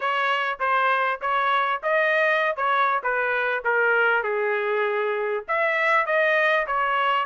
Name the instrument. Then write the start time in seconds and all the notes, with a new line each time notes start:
trumpet
0.00 C#5
0.59 C5
1.21 C#5
1.82 D#5
2.56 C#5
3.03 B4
3.64 A#4
4.23 G#4
5.48 E5
6.06 D#5
6.66 C#5